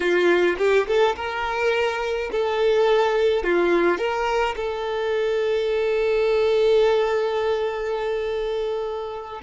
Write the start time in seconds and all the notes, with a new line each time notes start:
0.00 F4
0.58 G4
0.87 A4
1.16 A#4
2.31 A4
3.43 F4
3.98 A#4
4.56 A4